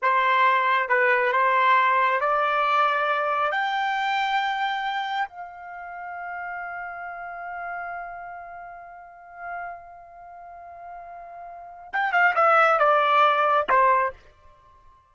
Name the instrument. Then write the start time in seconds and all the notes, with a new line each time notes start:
trumpet
0.01 C5
0.88 B4
1.32 C5
2.20 D5
3.51 G5
5.28 F5
11.93 G5
12.12 F5
12.35 E5
12.79 D5
13.69 C5